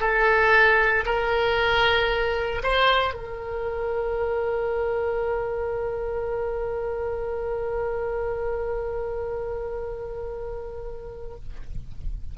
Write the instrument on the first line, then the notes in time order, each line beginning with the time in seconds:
oboe
0.00 A4
1.06 A#4
2.63 C5
3.14 A#4